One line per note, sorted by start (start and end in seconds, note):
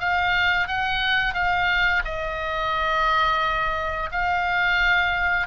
0.00 0.68 F5
0.68 1.34 F#5
1.34 2.02 F5
2.05 4.09 D#5
4.12 5.47 F5